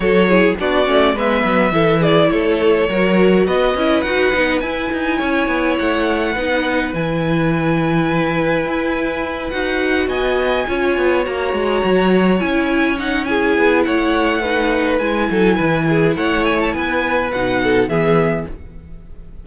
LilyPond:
<<
  \new Staff \with { instrumentName = "violin" } { \time 4/4 \tempo 4 = 104 cis''4 d''4 e''4. d''8 | cis''2 dis''4 fis''4 | gis''2 fis''2 | gis''1~ |
gis''8 fis''4 gis''2 ais''8~ | ais''4. gis''4 fis''8 gis''4 | fis''2 gis''2 | fis''8 gis''16 a''16 gis''4 fis''4 e''4 | }
  \new Staff \with { instrumentName = "violin" } { \time 4/4 a'8 gis'8 fis'4 b'4 a'8 gis'8 | a'4 ais'4 b'2~ | b'4 cis''2 b'4~ | b'1~ |
b'4. dis''4 cis''4.~ | cis''2. gis'4 | cis''4 b'4. a'8 b'8 gis'8 | cis''4 b'4. a'8 gis'4 | }
  \new Staff \with { instrumentName = "viola" } { \time 4/4 fis'8 e'8 d'8 cis'8 b4 e'4~ | e'4 fis'4. e'8 fis'8 dis'8 | e'2. dis'4 | e'1~ |
e'8 fis'2 f'4 fis'8~ | fis'4. e'4 dis'8 e'4~ | e'4 dis'4 e'2~ | e'2 dis'4 b4 | }
  \new Staff \with { instrumentName = "cello" } { \time 4/4 fis4 b8 a8 gis8 fis8 e4 | a4 fis4 b8 cis'8 dis'8 b8 | e'8 dis'8 cis'8 b8 a4 b4 | e2. e'4~ |
e'8 dis'4 b4 cis'8 b8 ais8 | gis8 fis4 cis'2 b8 | a2 gis8 fis8 e4 | a4 b4 b,4 e4 | }
>>